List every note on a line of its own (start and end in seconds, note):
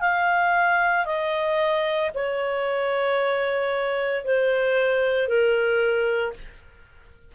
0.00 1.05 F5
1.05 2.11 D#5
2.14 4.24 C#5
4.24 5.27 C5
5.27 6.33 A#4